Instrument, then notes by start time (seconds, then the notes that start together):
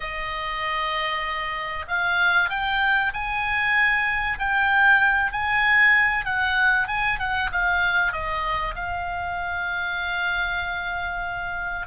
oboe
0.00 D#5
1.88 F5
2.49 G5
3.13 G#5
4.38 G5
5.32 G#5
6.25 F#5
6.88 G#5
7.19 F#5
7.52 F5
8.12 D#5
8.75 F5